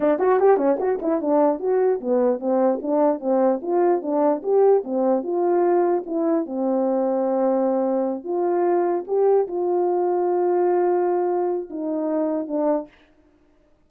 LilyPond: \new Staff \with { instrumentName = "horn" } { \time 4/4 \tempo 4 = 149 d'8 fis'8 g'8 cis'8 fis'8 e'8 d'4 | fis'4 b4 c'4 d'4 | c'4 f'4 d'4 g'4 | c'4 f'2 e'4 |
c'1~ | c'8 f'2 g'4 f'8~ | f'1~ | f'4 dis'2 d'4 | }